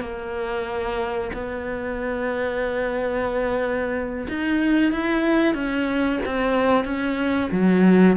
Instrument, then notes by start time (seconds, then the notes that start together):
cello
0.00 A#3
1.33 B3
4.28 D#4
4.92 E4
5.54 C#4
6.25 C4
6.84 C#4
7.51 F#3